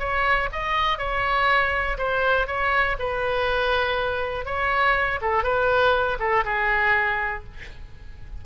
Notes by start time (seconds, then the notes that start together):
0.00 C#5
0.53 D#5
0.99 C#5
1.98 C5
2.47 C#5
3.00 B4
4.46 C#5
5.22 A4
5.44 B4
6.20 A4
6.45 G#4